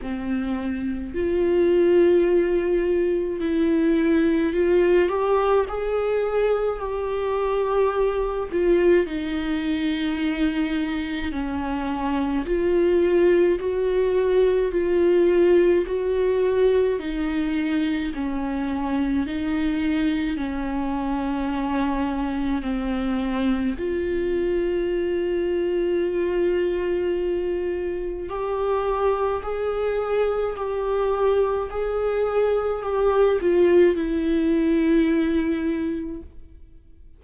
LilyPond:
\new Staff \with { instrumentName = "viola" } { \time 4/4 \tempo 4 = 53 c'4 f'2 e'4 | f'8 g'8 gis'4 g'4. f'8 | dis'2 cis'4 f'4 | fis'4 f'4 fis'4 dis'4 |
cis'4 dis'4 cis'2 | c'4 f'2.~ | f'4 g'4 gis'4 g'4 | gis'4 g'8 f'8 e'2 | }